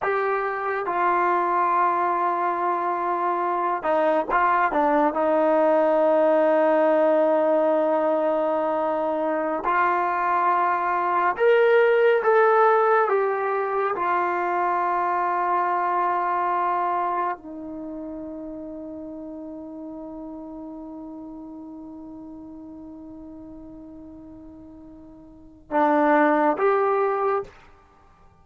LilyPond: \new Staff \with { instrumentName = "trombone" } { \time 4/4 \tempo 4 = 70 g'4 f'2.~ | f'8 dis'8 f'8 d'8 dis'2~ | dis'2.~ dis'16 f'8.~ | f'4~ f'16 ais'4 a'4 g'8.~ |
g'16 f'2.~ f'8.~ | f'16 dis'2.~ dis'8.~ | dis'1~ | dis'2 d'4 g'4 | }